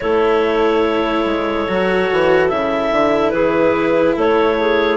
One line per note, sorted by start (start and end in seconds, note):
0.00 1.25 A3
0.00 1.67 E4
0.00 3.33 A4
0.00 2.48 C#5
1.25 1.66 G#3
1.68 2.10 F#3
1.68 2.48 F#4
2.12 2.50 E3
2.48 2.91 C#3
2.48 4.97 E4
2.48 3.30 E5
2.91 3.32 D3
3.30 4.15 E3
3.30 4.15 G#4
3.30 4.13 B4
4.15 4.97 A3
4.15 4.57 A4
4.15 4.97 C#5
4.59 4.97 G#4